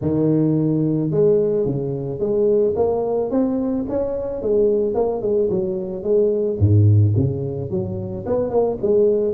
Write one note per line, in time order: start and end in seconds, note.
0.01 1.10 D#3
1.10 1.65 G#3
1.65 2.19 C#3
2.19 2.74 G#3
2.75 3.30 A#3
3.30 3.85 C4
3.89 4.42 C#4
4.42 4.94 G#3
4.94 5.21 A#3
5.21 5.49 G#3
5.50 6.03 F#3
6.03 6.58 G#3
6.59 7.14 G#2
7.16 7.70 C#3
7.70 8.25 F#3
8.26 8.50 B3
8.50 8.77 A#3
8.82 9.34 G#3